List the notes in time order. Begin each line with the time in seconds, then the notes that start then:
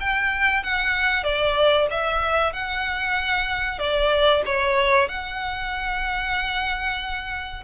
0.00 G5
0.63 F#5
1.24 D5
1.90 E5
2.53 F#5
3.79 D5
4.46 C#5
5.08 F#5